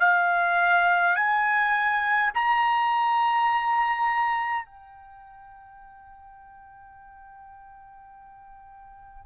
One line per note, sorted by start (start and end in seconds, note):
0.00 1.15 F5
1.15 2.31 G#5
2.34 4.65 A#5
4.65 9.25 G5